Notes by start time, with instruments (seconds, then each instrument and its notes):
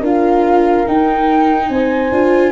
0.00 tuba D4, viola F4, horn A#4, flute F5
0.86 viola D#4, tuba D#4, flute G5
1.69 tuba C4, horn C5, flute G#5
2.11 tuba D4, viola F4